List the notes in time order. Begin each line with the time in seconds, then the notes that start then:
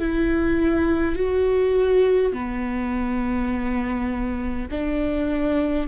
0.00 E4
1.16 F#4
2.33 B3
4.71 D4